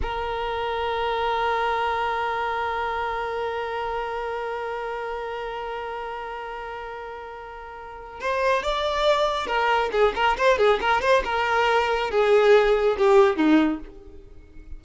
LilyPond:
\new Staff \with { instrumentName = "violin" } { \time 4/4 \tempo 4 = 139 ais'1~ | ais'1~ | ais'1~ | ais'1~ |
ais'2. c''4 | d''2 ais'4 gis'8 ais'8 | c''8 gis'8 ais'8 c''8 ais'2 | gis'2 g'4 dis'4 | }